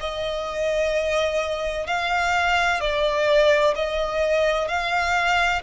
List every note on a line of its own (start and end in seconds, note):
0.00 1.87 D#5
1.87 2.80 F5
2.80 3.74 D5
3.75 4.68 D#5
4.68 5.62 F5